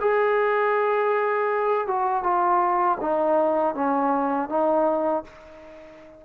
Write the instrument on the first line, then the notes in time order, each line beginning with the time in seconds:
trombone
0.00 G#4
1.87 F#4
2.23 F4
3.00 D#4
3.74 C#4
4.49 D#4